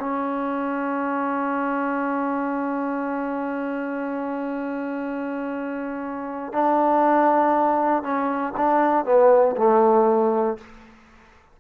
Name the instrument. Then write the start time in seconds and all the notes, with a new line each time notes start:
trombone
0.00 C#4
6.53 D4
8.03 C#4
8.57 D4
9.06 B3
9.57 A3